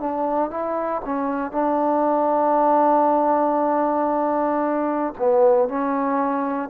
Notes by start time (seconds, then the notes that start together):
0.00 D4
0.50 E4
1.04 C#4
1.51 D4
5.18 B3
5.68 C#4